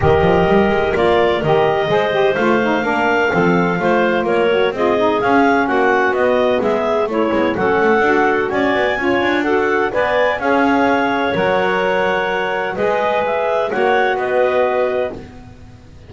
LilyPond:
<<
  \new Staff \with { instrumentName = "clarinet" } { \time 4/4 \tempo 4 = 127 dis''2 d''4 dis''4~ | dis''4 f''2.~ | f''4 cis''4 dis''4 f''4 | fis''4 dis''4 e''4 cis''4 |
fis''2 gis''2 | fis''4 gis''4 f''2 | fis''2. dis''4 | e''4 fis''4 dis''2 | }
  \new Staff \with { instrumentName = "clarinet" } { \time 4/4 ais'1 | c''2 ais'4 a'4 | c''4 ais'4 gis'2 | fis'2 gis'4 e'4 |
a'2 d''4 cis''4 | a'4 d''4 cis''2~ | cis''2. b'4~ | b'4 cis''4 b'2 | }
  \new Staff \with { instrumentName = "saxophone" } { \time 4/4 g'2 f'4 g'4 | gis'8 g'8 f'8 dis'8 d'4 c'4 | f'4. fis'8 f'8 dis'8 cis'4~ | cis'4 b2 a8 b8 |
cis'4 fis'2 f'4 | fis'4 b'4 gis'2 | ais'2. gis'4~ | gis'4 fis'2. | }
  \new Staff \with { instrumentName = "double bass" } { \time 4/4 dis8 f8 g8 gis8 ais4 dis4 | gis4 a4 ais4 f4 | a4 ais4 c'4 cis'4 | ais4 b4 gis4 a8 gis8 |
fis8 a8 d'4 cis'8 b8 cis'8 d'8~ | d'4 b4 cis'2 | fis2. gis4~ | gis4 ais4 b2 | }
>>